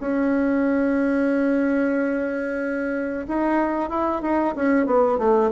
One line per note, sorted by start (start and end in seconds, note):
0.00 3.26 C#4
3.28 3.90 D#4
3.90 4.22 E4
4.22 4.54 D#4
4.55 4.86 C#4
4.86 5.18 B3
5.18 5.51 A3